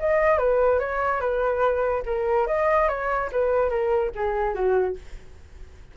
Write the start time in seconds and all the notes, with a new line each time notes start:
0.00 D#5
0.38 B4
0.80 C#5
1.21 B4
2.06 A#4
2.47 D#5
2.89 C#5
3.33 B4
3.70 A#4
4.16 G#4
4.55 F#4